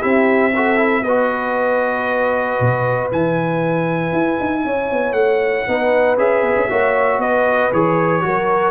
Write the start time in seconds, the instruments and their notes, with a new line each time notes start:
0.00 tuba C4, trombone E4, horn G4, trumpet E5
0.55 trombone F#4, horn A4
0.76 trombone E4
1.02 tuba B3, trombone F#4, horn B4, trumpet D#5
2.60 tuba B2
3.11 tuba E3, trombone E4, trumpet G#5
4.12 tuba E4
4.40 tuba D#4
4.65 tuba C#4, horn C#5
4.91 tuba B3
5.13 tuba A3, trumpet F#5
5.67 tuba B3, trombone D#4, horn B4
6.17 tuba C#4, trombone G#4, trumpet E5
6.42 tuba B3
6.56 tuba C#4
6.69 tuba A#3, trombone F#4, horn C#5
7.18 tuba B3, horn B4, trumpet D#5
7.72 tuba E3, trombone G#4, trumpet C#5
8.22 tuba F#3, trombone F#4, horn A#4